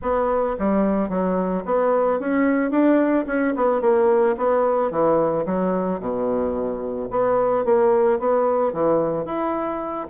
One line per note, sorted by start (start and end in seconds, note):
0.01 0.56 B3
0.59 1.09 G3
1.09 1.63 F#3
1.65 2.19 B3
2.19 2.70 C#4
2.70 3.25 D4
3.26 3.54 C#4
3.56 3.81 B3
3.81 4.35 A#3
4.37 4.90 B3
4.90 5.45 E3
5.45 6.00 F#3
6.00 7.09 B2
7.10 7.65 B3
7.65 8.19 A#3
8.19 8.72 B3
8.72 9.25 E3
9.25 10.07 E4